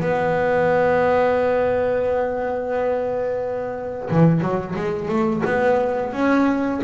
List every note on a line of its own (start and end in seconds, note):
0.00 4.09 B3
4.10 4.40 E3
4.40 4.74 F#3
4.75 5.08 G#3
5.08 5.42 A3
5.45 6.12 B3
6.12 6.81 C#4